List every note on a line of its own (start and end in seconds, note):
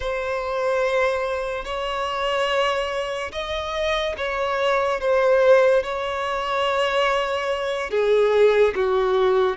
0.00 1.64 C5
1.64 3.31 C#5
3.32 4.15 D#5
4.17 5.00 C#5
5.00 5.83 C5
5.83 7.90 C#5
7.90 8.73 G#4
8.75 9.56 F#4